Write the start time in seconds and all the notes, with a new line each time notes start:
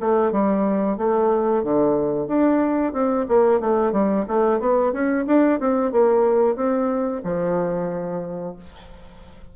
0.00 A3
0.32 G3
0.97 A3
1.63 D3
2.27 D4
2.93 C4
3.28 A#3
3.60 A3
3.92 G3
4.28 A3
4.60 B3
4.92 C#4
5.27 D4
5.60 C4
5.92 A#3
6.56 C4
7.24 F3